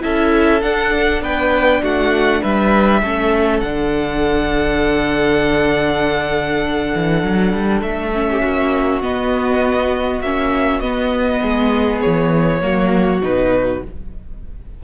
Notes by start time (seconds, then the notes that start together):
0.00 C#4 E4 A4 E5
0.62 D4 F#5
1.21 B3 B4 G5
1.82 A3 F#4 F#5
2.41 G3 B4 E5
3.02 A3 C#4 A4
3.60 D3 D4 F#5
6.95 E3
7.23 F#3
7.53 G3
7.82 A3 E5
8.13 C#4
8.30 G4
8.41 A#3 F#4
9.02 B3 D#5
10.21 A#3 C#4 E5
10.80 B3 D#5
11.40 G#3 G#4
12.01 E3 C#5
12.61 F#3 A#3 F#4
13.22 B2 D#4 B4